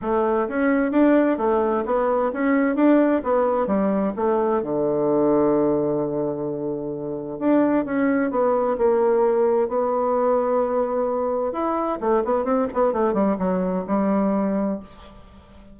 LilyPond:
\new Staff \with { instrumentName = "bassoon" } { \time 4/4 \tempo 4 = 130 a4 cis'4 d'4 a4 | b4 cis'4 d'4 b4 | g4 a4 d2~ | d1 |
d'4 cis'4 b4 ais4~ | ais4 b2.~ | b4 e'4 a8 b8 c'8 b8 | a8 g8 fis4 g2 | }